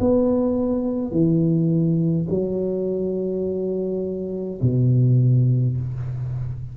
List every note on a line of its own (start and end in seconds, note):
0.00 1.11 B3
1.11 2.27 E3
2.29 4.60 F#3
4.62 5.77 B2